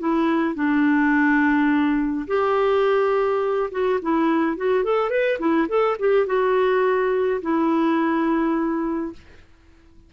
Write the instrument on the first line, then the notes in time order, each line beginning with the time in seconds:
clarinet
0.00 E4
0.56 D4
2.28 G4
3.72 F#4
4.03 E4
4.57 F#4
4.84 A4
5.11 B4
5.40 E4
5.69 A4
6.00 G4
6.27 F#4
7.42 E4